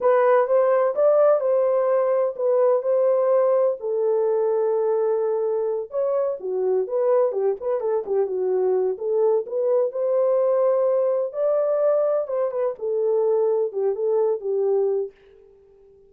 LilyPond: \new Staff \with { instrumentName = "horn" } { \time 4/4 \tempo 4 = 127 b'4 c''4 d''4 c''4~ | c''4 b'4 c''2 | a'1~ | a'8 cis''4 fis'4 b'4 g'8 |
b'8 a'8 g'8 fis'4. a'4 | b'4 c''2. | d''2 c''8 b'8 a'4~ | a'4 g'8 a'4 g'4. | }